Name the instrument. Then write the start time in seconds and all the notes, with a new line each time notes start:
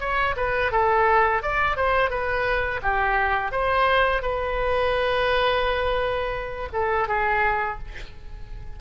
oboe
0.00 C#5
0.37 B4
0.72 A4
1.42 D5
1.77 C5
2.10 B4
2.82 G4
3.52 C5
4.22 B4
6.73 A4
7.08 G#4